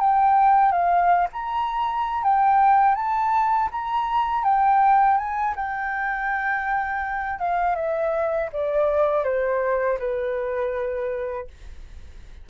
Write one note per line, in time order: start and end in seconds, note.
0.00 0.72 G5
0.72 1.28 F5
1.33 2.24 A#5
2.24 2.95 G5
2.95 3.69 A5
3.72 4.44 A#5
4.44 5.18 G5
5.18 5.55 G#5
5.56 7.39 G5
7.39 7.76 F5
7.76 8.50 E5
8.53 9.25 D5
9.25 9.99 C5
10.00 11.48 B4